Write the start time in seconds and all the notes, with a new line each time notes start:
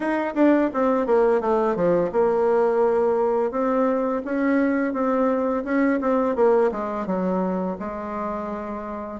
0.00 D#4
0.35 D4
0.73 C4
1.06 A#3
1.40 A3
1.75 F3
2.11 A#3
3.51 C4
4.24 C#4
4.93 C4
5.64 C#4
6.00 C4
6.35 A#3
6.71 G#3
7.06 F#3
7.79 G#3